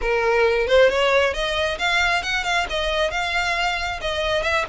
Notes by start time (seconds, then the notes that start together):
0.01 A#4
0.67 C5
0.89 C#5
1.33 D#5
1.78 F5
2.22 F#5
2.44 F5
2.69 D#5
3.11 F5
4.01 D#5
4.42 E5